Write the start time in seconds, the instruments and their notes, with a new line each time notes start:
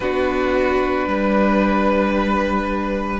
0.00 cello B3, viola D4, violin F#4 B4
1.06 cello G3, violin B4